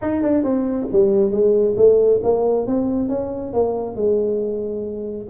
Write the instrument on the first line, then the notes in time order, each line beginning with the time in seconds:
tuba
0.01 D#4
0.22 D4
0.43 C4
0.92 G3
1.31 G#3
1.76 A3
2.23 A#3
2.66 C4
3.09 C#4
3.53 A#3
3.95 G#3